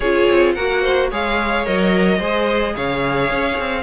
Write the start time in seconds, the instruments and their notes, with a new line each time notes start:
0.00 cello C#4, viola F4, violin G#4 C#5
0.28 cello C4
0.54 cello A#3, viola F#4, violin A#4 F#5
0.82 violin C5
1.10 cello G#3, viola G#4, violin C#5 F5
1.65 cello F#3, viola A#4, violin D#5
2.18 cello G#3, viola G#4, violin C5
2.75 cello C#3, violin C#5 F5
3.30 cello C#4
3.58 cello C4